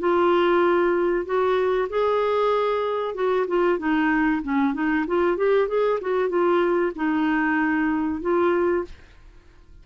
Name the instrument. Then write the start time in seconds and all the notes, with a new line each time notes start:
clarinet
0.00 F4
1.25 F#4
1.90 G#4
3.15 F#4
3.48 F4
3.79 D#4
4.43 C#4
4.74 D#4
5.08 F4
5.37 G4
5.68 G#4
6.01 F#4
6.29 F4
6.96 D#4
8.22 F4